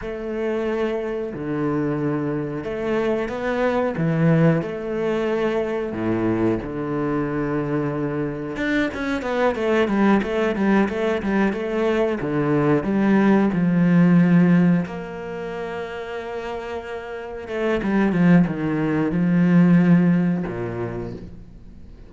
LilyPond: \new Staff \with { instrumentName = "cello" } { \time 4/4 \tempo 4 = 91 a2 d2 | a4 b4 e4 a4~ | a4 a,4 d2~ | d4 d'8 cis'8 b8 a8 g8 a8 |
g8 a8 g8 a4 d4 g8~ | g8 f2 ais4.~ | ais2~ ais8 a8 g8 f8 | dis4 f2 ais,4 | }